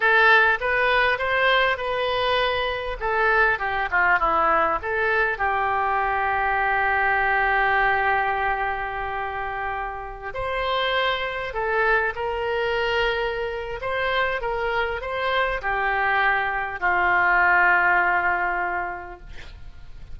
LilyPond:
\new Staff \with { instrumentName = "oboe" } { \time 4/4 \tempo 4 = 100 a'4 b'4 c''4 b'4~ | b'4 a'4 g'8 f'8 e'4 | a'4 g'2.~ | g'1~ |
g'4~ g'16 c''2 a'8.~ | a'16 ais'2~ ais'8. c''4 | ais'4 c''4 g'2 | f'1 | }